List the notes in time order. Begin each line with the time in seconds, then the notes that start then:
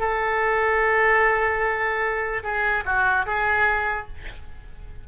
0.00 A4
2.44 G#4
2.86 F#4
3.27 G#4